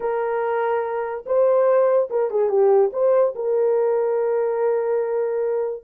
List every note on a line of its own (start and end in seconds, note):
0.00 1.24 A#4
1.26 2.09 C5
2.09 2.30 A#4
2.30 2.49 G#4
2.49 2.91 G4
2.92 3.34 C5
3.35 5.83 A#4